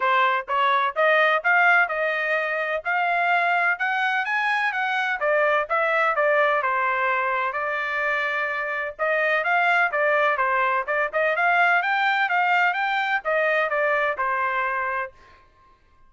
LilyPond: \new Staff \with { instrumentName = "trumpet" } { \time 4/4 \tempo 4 = 127 c''4 cis''4 dis''4 f''4 | dis''2 f''2 | fis''4 gis''4 fis''4 d''4 | e''4 d''4 c''2 |
d''2. dis''4 | f''4 d''4 c''4 d''8 dis''8 | f''4 g''4 f''4 g''4 | dis''4 d''4 c''2 | }